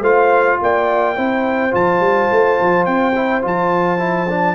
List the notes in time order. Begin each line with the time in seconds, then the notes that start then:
0.00 A3 F4 C5 F5
0.61 A#3 D5 G5
1.16 C4 E4 C5
1.71 F3 F4 A5
2.00 G3
2.31 A3
2.60 F3
2.85 C4 G5
3.15 E4
3.42 F3 F4 A5
3.98 E4
4.29 D4